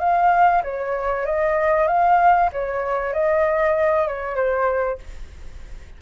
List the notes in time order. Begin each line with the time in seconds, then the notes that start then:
0.00 F5
0.63 C#5
1.26 D#5
1.88 F5
2.52 C#5
3.13 D#5
4.07 C#5
4.36 C5